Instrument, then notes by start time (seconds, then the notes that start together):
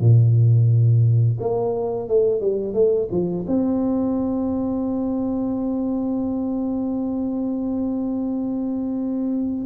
tuba
0.00 A#2
1.40 A#3
2.08 A3
2.41 G3
2.74 A3
3.11 F3
3.47 C4